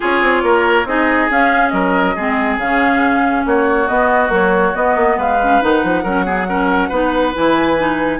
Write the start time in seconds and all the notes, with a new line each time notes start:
0.00 C#4 F4 G#4 C#5
0.21 C4
0.42 A#3 A#4
0.85 C4 D#4 G#4 D#5
1.30 C#4 F5
1.68 F#3 A#4 D#5
2.15 G#3 C4 G#4
2.58 C#3 C#4 F5
3.45 A#3 F#4 C#5
3.87 B3 D#5
4.29 F#3 A#3 C#5
4.74 B3 D#5
4.95 A#3
5.17 G#3 B4 F5
5.42 C#4
5.61 D#3 D#4 F#5
5.83 F3
6.03 F#3 C#4 A#4
6.24 B3 G#4
6.48 C#4 A#4
6.88 B3 D#4 B4
7.33 E3 E4 G#5
7.77 D#4